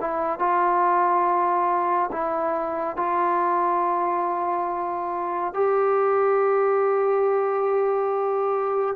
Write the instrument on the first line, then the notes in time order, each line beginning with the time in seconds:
trombone
0.00 E4
0.39 F4
2.12 E4
2.96 F4
5.54 G4